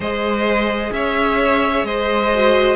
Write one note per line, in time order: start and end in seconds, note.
0.00 0.90 G#3
0.00 2.33 G#4
0.00 0.92 C5
0.00 0.92 D#5
0.92 1.83 C#4
0.92 1.86 C#5
0.92 1.85 E5
1.83 2.76 G#3
1.83 2.76 C5
1.83 2.76 D#5
2.34 2.76 F#4